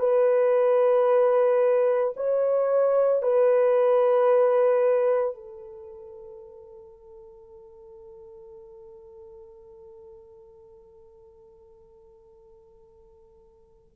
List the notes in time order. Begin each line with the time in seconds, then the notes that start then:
0.00 B4
2.16 C#5
3.22 B4
5.35 A4